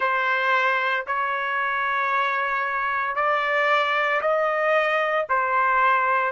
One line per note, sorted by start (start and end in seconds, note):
0.00 1.05 C5
1.06 3.15 C#5
3.15 4.21 D5
4.21 5.26 D#5
5.29 6.32 C5